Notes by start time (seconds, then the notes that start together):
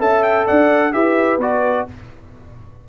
0.00 C#4 A4 E5 A5
0.23 G5
0.47 D4 D5 F#5
0.92 E4 G4 B4 E5
1.38 B3 F#4 D5